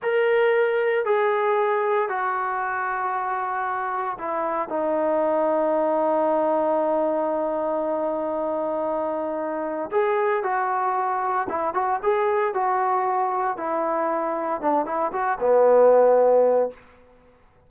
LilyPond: \new Staff \with { instrumentName = "trombone" } { \time 4/4 \tempo 4 = 115 ais'2 gis'2 | fis'1 | e'4 dis'2.~ | dis'1~ |
dis'2. gis'4 | fis'2 e'8 fis'8 gis'4 | fis'2 e'2 | d'8 e'8 fis'8 b2~ b8 | }